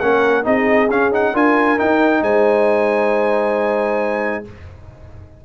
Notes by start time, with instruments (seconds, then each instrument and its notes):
0.00 tuba A#3, trombone C#4, horn A#4, trumpet F#5
0.43 tuba C4, trombone D#4, horn G#4, trumpet D#5
0.90 tuba C#4, trombone C#4, trumpet F5
1.12 trombone D#4, trumpet F#5
1.33 tuba D4, trombone F4, horn A#4, trumpet G#5
1.78 trombone D#4, tuba D#4, trumpet G5
2.21 tuba G#3, horn C5, trumpet G#5